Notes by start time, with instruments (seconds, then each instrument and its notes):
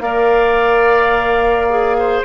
0.00 bassoon A#3, clarinet A#4, oboe D5, flute F5
1.69 clarinet G#4
1.99 oboe C5